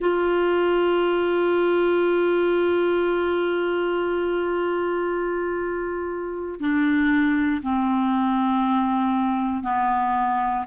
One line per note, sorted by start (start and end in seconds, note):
0.00 6.60 F4
6.60 7.61 D4
7.63 9.63 C4
9.63 10.65 B3